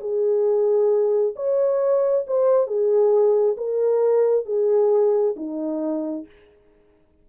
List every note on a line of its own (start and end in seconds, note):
0.00 1.34 G#4
1.36 2.25 C#5
2.27 2.67 C5
2.67 3.56 G#4
3.57 4.45 A#4
4.45 5.35 G#4
5.36 6.26 D#4